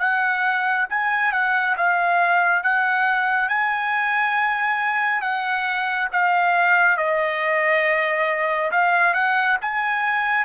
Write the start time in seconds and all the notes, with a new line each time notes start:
0.00 F#5
0.90 G#5
1.33 F#5
1.78 F5
2.64 F#5
3.49 G#5
5.22 F#5
6.13 F5
6.98 D#5
8.72 F5
9.14 F#5
9.62 G#5